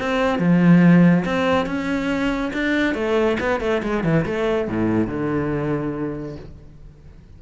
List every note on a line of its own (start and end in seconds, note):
0.00 0.39 C4
0.39 1.25 F3
1.26 1.67 C4
1.67 2.52 C#4
2.54 2.95 D4
2.95 3.38 A3
3.41 3.61 B3
3.61 3.82 A3
3.83 4.04 G#3
4.04 4.26 E3
4.26 4.69 A3
4.69 5.08 A2
5.08 6.36 D3